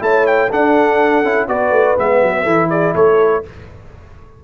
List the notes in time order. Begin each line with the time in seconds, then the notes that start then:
0.00 A3 E4 C#5 A5
0.27 G5
0.50 D4 A4 F#5
1.23 C#4 E4
1.48 B3 F#4 B4 D5
1.71 A3
1.97 G#3 B3 E5
2.23 F#3
2.43 E3 E4 A4
2.70 G#4 D5
2.95 A3 A4 C#5